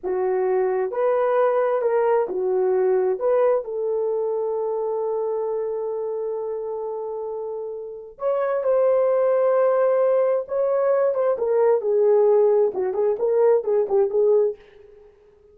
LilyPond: \new Staff \with { instrumentName = "horn" } { \time 4/4 \tempo 4 = 132 fis'2 b'2 | ais'4 fis'2 b'4 | a'1~ | a'1~ |
a'2 cis''4 c''4~ | c''2. cis''4~ | cis''8 c''8 ais'4 gis'2 | fis'8 gis'8 ais'4 gis'8 g'8 gis'4 | }